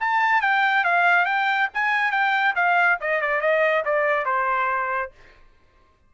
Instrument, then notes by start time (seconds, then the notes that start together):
trumpet
0.00 A5
0.41 G5
0.84 F5
1.25 G5
1.74 G#5
2.11 G5
2.55 F5
3.00 D#5
3.21 D5
3.41 D#5
3.85 D5
4.25 C5